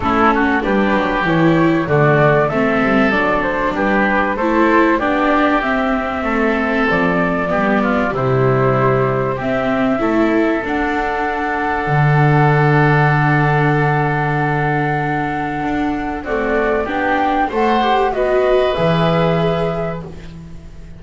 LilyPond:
<<
  \new Staff \with { instrumentName = "flute" } { \time 4/4 \tempo 4 = 96 a'4 b'4 cis''4 d''4 | e''4 d''8 c''8 b'4 c''4 | d''4 e''2 d''4~ | d''4 c''2 e''4~ |
e''4 fis''2.~ | fis''1~ | fis''2 d''4 g''4 | fis''4 dis''4 e''2 | }
  \new Staff \with { instrumentName = "oboe" } { \time 4/4 e'8 fis'8 g'2 fis'4 | a'2 g'4 a'4 | g'2 a'2 | g'8 f'8 e'2 g'4 |
a'1~ | a'1~ | a'2 fis'4 g'4 | c''4 b'2. | }
  \new Staff \with { instrumentName = "viola" } { \time 4/4 cis'4 d'4 e'4 a4 | c'4 d'2 e'4 | d'4 c'2. | b4 g2 c'4 |
e'4 d'2.~ | d'1~ | d'2 a4 d'4 | a'8 g'8 fis'4 gis'2 | }
  \new Staff \with { instrumentName = "double bass" } { \time 4/4 a4 g8 fis8 e4 d4 | a8 g8 fis4 g4 a4 | b4 c'4 a4 f4 | g4 c2 c'4 |
a4 d'2 d4~ | d1~ | d4 d'4 c'4 b4 | a4 b4 e2 | }
>>